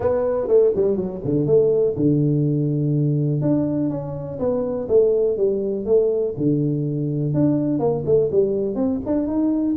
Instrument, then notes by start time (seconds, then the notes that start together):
tuba
0.00 B3
0.47 A3
0.75 G3
0.96 F#3
1.24 D3
1.46 A3
1.96 D3
3.41 D4
3.90 C#4
4.39 B3
4.88 A3
5.37 G3
5.85 A3
6.37 D3
7.33 D4
7.79 A#3
8.05 A3
8.31 G3
8.75 C4
9.06 D4
9.27 D#4